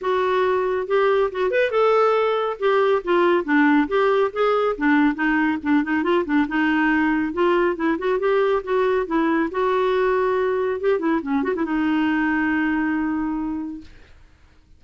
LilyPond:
\new Staff \with { instrumentName = "clarinet" } { \time 4/4 \tempo 4 = 139 fis'2 g'4 fis'8 b'8 | a'2 g'4 f'4 | d'4 g'4 gis'4 d'4 | dis'4 d'8 dis'8 f'8 d'8 dis'4~ |
dis'4 f'4 e'8 fis'8 g'4 | fis'4 e'4 fis'2~ | fis'4 g'8 e'8 cis'8 fis'16 e'16 dis'4~ | dis'1 | }